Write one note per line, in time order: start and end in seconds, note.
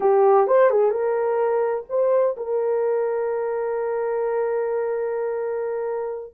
0.00 0.47 G4
0.47 0.70 C5
0.70 0.90 G#4
0.90 1.84 A#4
1.89 2.36 C5
2.36 6.34 A#4